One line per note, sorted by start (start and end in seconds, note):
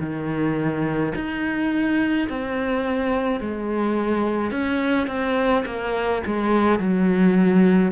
0.00 1.13 D#3
1.15 2.28 D#4
2.30 3.40 C4
3.40 4.51 G#3
4.51 5.07 C#4
5.07 5.63 C4
5.66 6.22 A#3
6.26 6.79 G#3
6.79 7.92 F#3